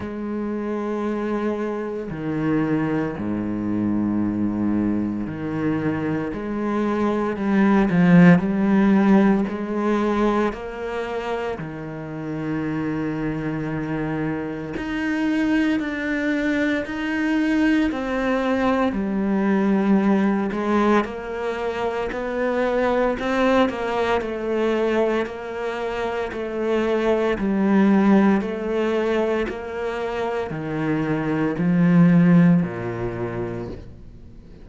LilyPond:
\new Staff \with { instrumentName = "cello" } { \time 4/4 \tempo 4 = 57 gis2 dis4 gis,4~ | gis,4 dis4 gis4 g8 f8 | g4 gis4 ais4 dis4~ | dis2 dis'4 d'4 |
dis'4 c'4 g4. gis8 | ais4 b4 c'8 ais8 a4 | ais4 a4 g4 a4 | ais4 dis4 f4 ais,4 | }